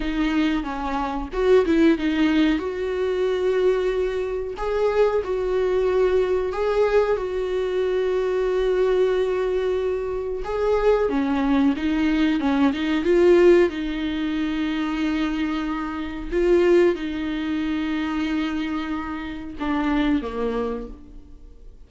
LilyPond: \new Staff \with { instrumentName = "viola" } { \time 4/4 \tempo 4 = 92 dis'4 cis'4 fis'8 e'8 dis'4 | fis'2. gis'4 | fis'2 gis'4 fis'4~ | fis'1 |
gis'4 cis'4 dis'4 cis'8 dis'8 | f'4 dis'2.~ | dis'4 f'4 dis'2~ | dis'2 d'4 ais4 | }